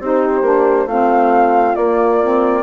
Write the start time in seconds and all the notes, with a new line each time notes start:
0.00 C4 D#4 G4 C5
0.42 A#3 D4
0.86 A3 C4 F4 F5
1.75 A#3 D5
2.23 C4